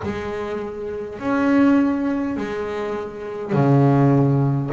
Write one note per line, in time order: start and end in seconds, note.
0.03 1.19 G#3
1.19 2.36 C#4
2.36 3.52 G#3
3.52 4.70 C#3